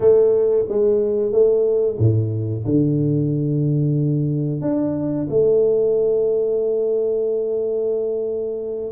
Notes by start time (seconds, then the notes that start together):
0.00 A3
0.68 G#3
1.32 A3
1.98 A2
2.65 D3
4.61 D4
5.29 A3